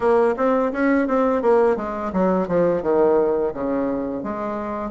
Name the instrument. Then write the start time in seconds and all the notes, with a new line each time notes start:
bassoon
0.00 A#3
0.36 C4
0.72 C#4
1.07 C4
1.42 A#3
1.76 G#3
2.12 F#3
2.48 F3
2.82 D#3
3.53 C#3
4.23 G#3